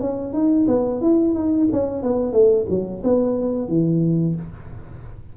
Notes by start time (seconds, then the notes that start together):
0.00 C#4
0.33 D#4
0.67 B3
1.01 E4
1.34 D#4
1.72 C#4
2.02 B3
2.32 A3
2.69 F#3
3.03 B3
3.68 E3